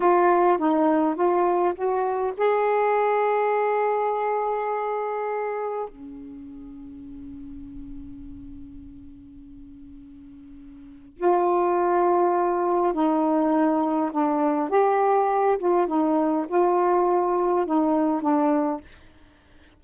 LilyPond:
\new Staff \with { instrumentName = "saxophone" } { \time 4/4 \tempo 4 = 102 f'4 dis'4 f'4 fis'4 | gis'1~ | gis'2 cis'2~ | cis'1~ |
cis'2. f'4~ | f'2 dis'2 | d'4 g'4. f'8 dis'4 | f'2 dis'4 d'4 | }